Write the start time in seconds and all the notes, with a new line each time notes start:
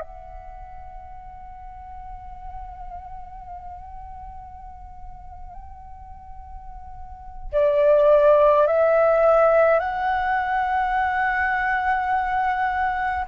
0.00 F#5
7.52 D5
8.66 E5
9.79 F#5